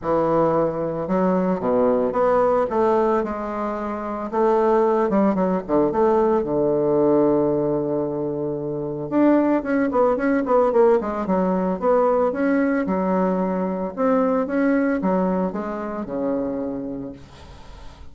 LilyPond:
\new Staff \with { instrumentName = "bassoon" } { \time 4/4 \tempo 4 = 112 e2 fis4 b,4 | b4 a4 gis2 | a4. g8 fis8 d8 a4 | d1~ |
d4 d'4 cis'8 b8 cis'8 b8 | ais8 gis8 fis4 b4 cis'4 | fis2 c'4 cis'4 | fis4 gis4 cis2 | }